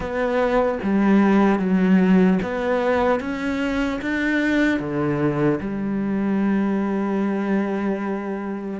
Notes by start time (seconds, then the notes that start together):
0.00 B3
0.83 G3
1.59 F#3
2.42 B3
3.20 C#4
4.01 D4
4.79 D3
5.60 G3